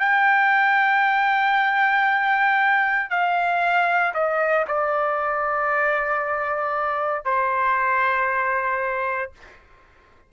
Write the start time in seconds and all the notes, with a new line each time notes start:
0.00 G5
3.10 F5
4.14 D#5
4.68 D5
7.25 C5